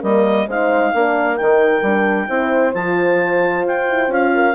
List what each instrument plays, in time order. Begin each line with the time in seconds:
0.00 bassoon G3, horn A#3 A#4, clarinet D#5
0.47 bassoon G#3, horn D#4 C5, clarinet F5
0.94 bassoon A#3, horn D4 A#4
1.36 bassoon D#3, horn D#4, clarinet G5
1.82 bassoon G3, horn D4
2.27 bassoon C4, horn E4 C5
2.73 bassoon F3, horn F4, clarinet A5
3.65 bassoon F4, clarinet G5
3.89 horn E4
4.08 bassoon C#4, horn F4, clarinet F5
4.34 horn A#4